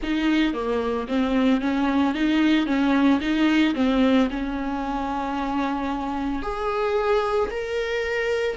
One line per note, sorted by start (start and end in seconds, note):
0.02 0.54 D#4
0.54 1.07 A#3
1.08 1.61 C4
1.61 2.14 C#4
2.14 2.66 D#4
2.66 3.19 C#4
3.20 3.74 D#4
3.75 4.28 C4
4.30 6.42 C#4
6.42 7.50 G#4
7.50 8.57 A#4